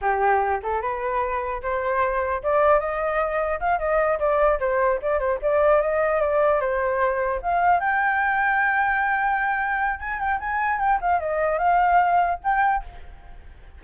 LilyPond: \new Staff \with { instrumentName = "flute" } { \time 4/4 \tempo 4 = 150 g'4. a'8 b'2 | c''2 d''4 dis''4~ | dis''4 f''8 dis''4 d''4 c''8~ | c''8 d''8 c''8 d''4 dis''4 d''8~ |
d''8 c''2 f''4 g''8~ | g''1~ | g''4 gis''8 g''8 gis''4 g''8 f''8 | dis''4 f''2 g''4 | }